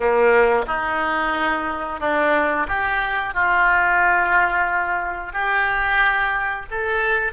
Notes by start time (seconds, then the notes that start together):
0.00 A#3
0.67 D#4
2.00 D4
2.68 G4
3.33 F4
5.32 G4
6.70 A4